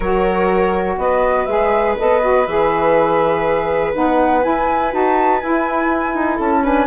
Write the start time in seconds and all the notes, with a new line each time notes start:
0.00 F#3 F#4 A#4 C#5
0.97 B3 B4 D#5
1.45 G#3 G#4 E5
1.98 B3 A4 D#5
2.21 F#4
2.46 E3 G#4 E5
3.93 B3 D#4 F#5
4.42 E4 G#5
4.91 D#4 F#4 A5
5.40 E4 G#5
6.14 D#4
6.36 C#4 A4 A5
6.63 D4 B4 G#5